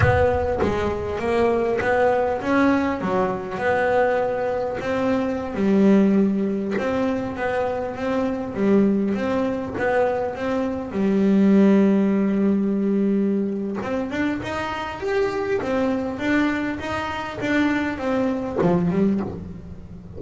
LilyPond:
\new Staff \with { instrumentName = "double bass" } { \time 4/4 \tempo 4 = 100 b4 gis4 ais4 b4 | cis'4 fis4 b2 | c'4~ c'16 g2 c'8.~ | c'16 b4 c'4 g4 c'8.~ |
c'16 b4 c'4 g4.~ g16~ | g2. c'8 d'8 | dis'4 g'4 c'4 d'4 | dis'4 d'4 c'4 f8 g8 | }